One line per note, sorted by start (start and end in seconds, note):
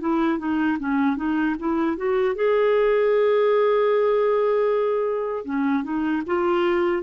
0.00 0.38 E4
0.38 0.77 D#4
0.79 1.17 C#4
1.17 1.55 D#4
1.59 1.97 E4
1.97 2.35 F#4
2.35 5.45 G#4
5.45 5.83 C#4
5.83 6.22 D#4
6.26 7.02 F4